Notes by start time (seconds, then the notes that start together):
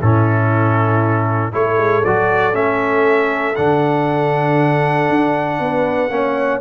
0.00 A2 C#4 E4 A4
1.52 A3 E4 A4 C#5
1.78 G#3
2.04 F#3 F#4 D5
2.53 A3 C#4 E5
3.55 D3 D4 F#5
5.09 D4
5.60 B3 B4
6.10 A#3 C#4 C#5